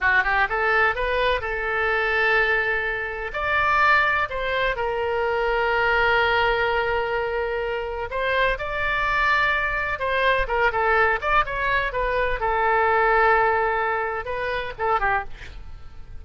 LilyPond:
\new Staff \with { instrumentName = "oboe" } { \time 4/4 \tempo 4 = 126 fis'8 g'8 a'4 b'4 a'4~ | a'2. d''4~ | d''4 c''4 ais'2~ | ais'1~ |
ais'4 c''4 d''2~ | d''4 c''4 ais'8 a'4 d''8 | cis''4 b'4 a'2~ | a'2 b'4 a'8 g'8 | }